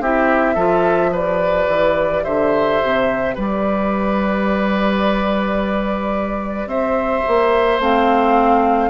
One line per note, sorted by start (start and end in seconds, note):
0.00 0.56 C4
0.00 0.57 E4
0.00 0.55 G4
0.00 1.14 E5
0.55 1.67 F3
0.55 1.12 F4
0.55 1.10 A4
1.12 7.78 G4
1.12 2.24 B4
1.12 2.24 D5
1.68 2.24 E3
2.24 2.81 D3
2.24 3.35 C5
2.24 3.35 E5
2.83 3.37 C3
3.35 6.67 G3
3.35 6.68 B4
3.35 6.69 D5
6.67 7.22 C4
6.67 8.90 C5
6.67 7.80 E5
7.28 7.79 A#3
7.79 8.90 A3
7.79 8.90 C4
7.79 8.90 F5